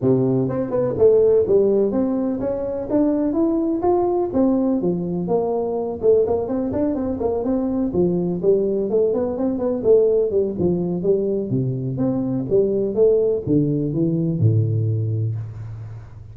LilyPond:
\new Staff \with { instrumentName = "tuba" } { \time 4/4 \tempo 4 = 125 c4 c'8 b8 a4 g4 | c'4 cis'4 d'4 e'4 | f'4 c'4 f4 ais4~ | ais8 a8 ais8 c'8 d'8 c'8 ais8 c'8~ |
c'8 f4 g4 a8 b8 c'8 | b8 a4 g8 f4 g4 | c4 c'4 g4 a4 | d4 e4 a,2 | }